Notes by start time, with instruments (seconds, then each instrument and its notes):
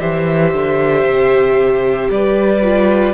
0.00 cello E3, viola G4, violin C5 E5
0.54 cello D3
1.04 cello C3
2.10 cello G3, violin B4 D5
2.63 viola F4